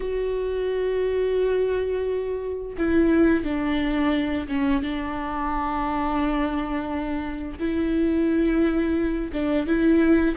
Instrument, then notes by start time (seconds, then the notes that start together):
viola
0.00 F#4
2.78 E4
3.44 D4
4.48 C#4
4.82 D4
7.59 E4
9.32 D4
9.66 E4